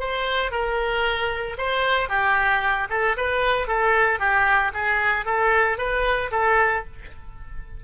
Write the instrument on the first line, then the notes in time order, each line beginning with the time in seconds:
oboe
0.00 C5
0.52 A#4
1.58 C5
2.09 G4
2.90 A4
3.17 B4
3.68 A4
4.20 G4
4.74 G#4
5.26 A4
5.78 B4
6.32 A4